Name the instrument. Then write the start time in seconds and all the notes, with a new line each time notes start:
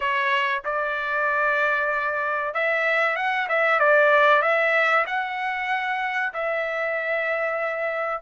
trumpet
0.00 C#5
0.64 D5
2.53 E5
3.16 F#5
3.48 E5
3.79 D5
4.42 E5
5.06 F#5
6.33 E5